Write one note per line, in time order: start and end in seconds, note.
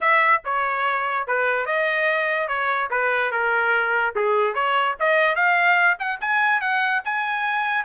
0.00 0.42 E5
0.44 1.27 C#5
1.27 1.66 B4
1.66 2.47 D#5
2.47 2.89 C#5
2.90 3.31 B4
3.31 4.14 A#4
4.15 4.54 G#4
4.54 4.95 C#5
4.99 5.35 D#5
5.35 5.97 F5
5.99 6.19 F#5
6.20 6.60 G#5
6.60 7.02 F#5
7.04 7.84 G#5